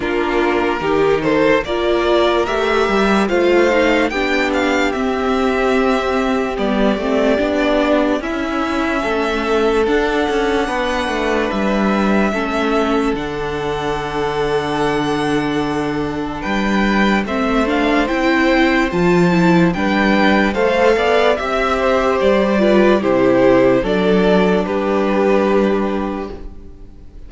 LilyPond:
<<
  \new Staff \with { instrumentName = "violin" } { \time 4/4 \tempo 4 = 73 ais'4. c''8 d''4 e''4 | f''4 g''8 f''8 e''2 | d''2 e''2 | fis''2 e''2 |
fis''1 | g''4 e''8 f''8 g''4 a''4 | g''4 f''4 e''4 d''4 | c''4 d''4 b'2 | }
  \new Staff \with { instrumentName = "violin" } { \time 4/4 f'4 g'8 a'8 ais'2 | c''4 g'2.~ | g'2 e'4 a'4~ | a'4 b'2 a'4~ |
a'1 | b'4 c''2. | b'4 c''8 d''8 e''8 c''4 b'8 | g'4 a'4 g'2 | }
  \new Staff \with { instrumentName = "viola" } { \time 4/4 d'4 dis'4 f'4 g'4 | f'8 dis'8 d'4 c'2 | b8 c'8 d'4 cis'2 | d'2. cis'4 |
d'1~ | d'4 c'8 d'8 e'4 f'8 e'8 | d'4 a'4 g'4. f'8 | e'4 d'2. | }
  \new Staff \with { instrumentName = "cello" } { \time 4/4 ais4 dis4 ais4 a8 g8 | a4 b4 c'2 | g8 a8 b4 cis'4 a4 | d'8 cis'8 b8 a8 g4 a4 |
d1 | g4 a4 c'4 f4 | g4 a8 b8 c'4 g4 | c4 fis4 g2 | }
>>